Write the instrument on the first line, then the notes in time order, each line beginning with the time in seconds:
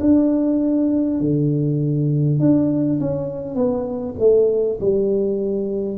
tuba
0.00 D4
1.20 D3
2.39 D4
3.00 C#4
3.55 B3
4.19 A3
4.81 G3